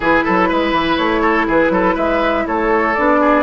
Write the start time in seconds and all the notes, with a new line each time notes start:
0.00 E3 E4 G#4 B4
0.24 F#3 A4
0.48 G#3 B4
0.72 E3
0.96 A3 C#5
1.21 A4
1.47 E3 G#4 B4
1.70 F#3 A4
1.94 G#3 B4 E5
2.46 A3 A4 C#5
2.94 B3 D4 D5
3.20 G#4